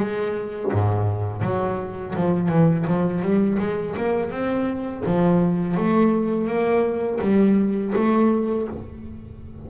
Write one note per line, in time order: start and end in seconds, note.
0.00 0.72 G#3
0.73 1.42 G#2
1.42 2.14 F#3
2.16 2.49 F3
2.49 2.85 E3
2.87 3.22 F3
3.22 3.58 G3
3.59 3.95 G#3
3.97 4.31 A#3
4.31 5.03 C4
5.06 5.77 F3
5.77 6.47 A3
6.47 7.20 A#3
7.21 7.94 G3
7.96 8.68 A3